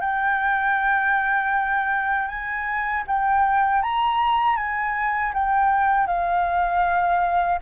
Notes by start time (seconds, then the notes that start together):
0.00 G5
2.28 G#5
3.07 G5
3.82 A#5
4.56 G#5
5.33 G5
6.07 F5